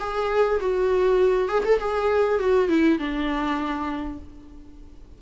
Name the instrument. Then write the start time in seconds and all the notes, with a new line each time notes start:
viola
0.00 G#4
0.60 F#4
1.49 G#4
1.65 A4
1.79 G#4
2.39 F#4
2.69 E4
2.99 D4